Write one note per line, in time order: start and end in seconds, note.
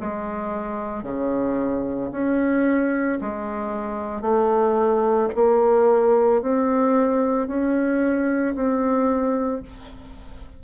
0.00 1.03 G#3
1.03 2.10 C#3
2.11 3.19 C#4
3.21 4.21 G#3
4.21 5.28 A3
5.35 6.41 A#3
6.41 7.48 C4
7.48 8.55 C#4
8.55 9.62 C4